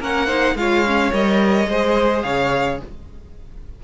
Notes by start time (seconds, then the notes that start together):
0.00 A#3 C#4 A#4 F#5
0.27 D#4 C5
0.55 G#3 F4 C#5 F5
0.86 C#4
1.12 G3 A#4 D#5
1.67 G#3 G#4 C5
2.22 C#3 C#5 F5